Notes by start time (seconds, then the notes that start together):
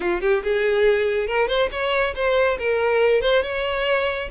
0.00 F4
0.21 G4
0.43 G#4
1.27 A#4
1.47 C5
1.71 C#5
2.15 C5
2.58 A#4
3.21 C5
3.42 C#5